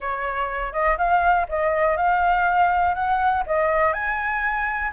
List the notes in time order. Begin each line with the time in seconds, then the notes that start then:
0.00 C#5
0.72 D#5
0.97 F5
1.48 D#5
1.96 F5
2.94 F#5
3.46 D#5
3.93 G#5